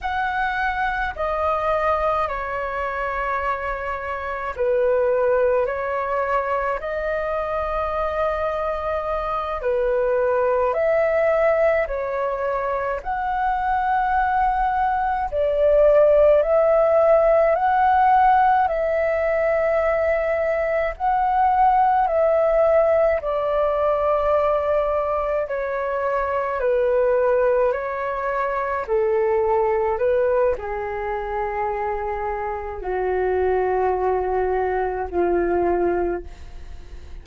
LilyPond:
\new Staff \with { instrumentName = "flute" } { \time 4/4 \tempo 4 = 53 fis''4 dis''4 cis''2 | b'4 cis''4 dis''2~ | dis''8 b'4 e''4 cis''4 fis''8~ | fis''4. d''4 e''4 fis''8~ |
fis''8 e''2 fis''4 e''8~ | e''8 d''2 cis''4 b'8~ | b'8 cis''4 a'4 b'8 gis'4~ | gis'4 fis'2 f'4 | }